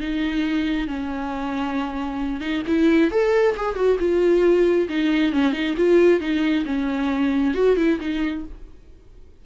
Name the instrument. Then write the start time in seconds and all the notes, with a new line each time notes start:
viola
0.00 D#4
0.87 C#4
2.40 D#4
2.67 E4
3.11 A4
3.56 G#4
3.75 F#4
3.99 F4
4.89 D#4
5.33 C#4
5.53 D#4
5.77 F4
6.20 D#4
6.65 C#4
7.54 F#4
7.76 E4
8.00 D#4